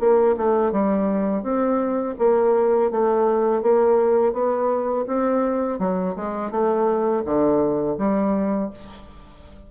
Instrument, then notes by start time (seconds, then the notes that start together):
bassoon
0.00 A#3
0.37 A3
0.72 G3
1.43 C4
2.19 A#3
2.91 A3
3.62 A#3
4.33 B3
5.07 C4
5.79 F#3
6.16 G#3
6.51 A3
7.25 D3
7.98 G3